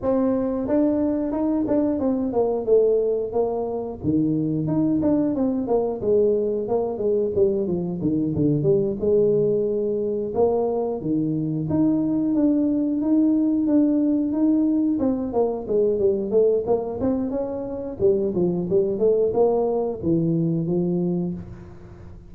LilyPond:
\new Staff \with { instrumentName = "tuba" } { \time 4/4 \tempo 4 = 90 c'4 d'4 dis'8 d'8 c'8 ais8 | a4 ais4 dis4 dis'8 d'8 | c'8 ais8 gis4 ais8 gis8 g8 f8 | dis8 d8 g8 gis2 ais8~ |
ais8 dis4 dis'4 d'4 dis'8~ | dis'8 d'4 dis'4 c'8 ais8 gis8 | g8 a8 ais8 c'8 cis'4 g8 f8 | g8 a8 ais4 e4 f4 | }